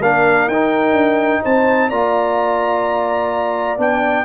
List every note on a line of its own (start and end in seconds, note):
0.00 0.47 A#3
0.00 0.50 D4
0.00 1.42 A#4
0.00 0.49 F5
0.47 0.92 D#4
0.47 1.91 D#4
0.47 1.43 G5
0.92 1.39 D4
1.43 1.91 C4
1.43 1.89 C5
1.43 1.89 A5
1.89 3.78 A#3
1.89 3.78 F4
1.89 4.25 D5
1.89 3.78 A#5
3.78 4.25 B3
3.78 4.25 D4
3.78 4.25 G5